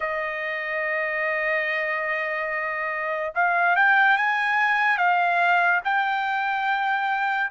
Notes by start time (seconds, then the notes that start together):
0.00 D#5
3.34 F5
3.75 G5
4.17 G#5
4.97 F5
5.84 G5